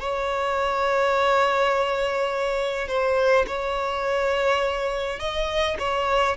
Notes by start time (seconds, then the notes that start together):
0.00 C#5
2.88 C5
3.47 C#5
5.19 D#5
5.79 C#5